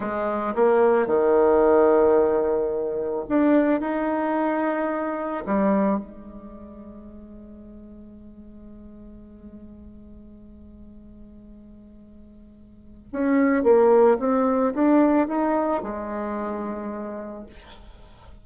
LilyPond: \new Staff \with { instrumentName = "bassoon" } { \time 4/4 \tempo 4 = 110 gis4 ais4 dis2~ | dis2 d'4 dis'4~ | dis'2 g4 gis4~ | gis1~ |
gis1~ | gis1 | cis'4 ais4 c'4 d'4 | dis'4 gis2. | }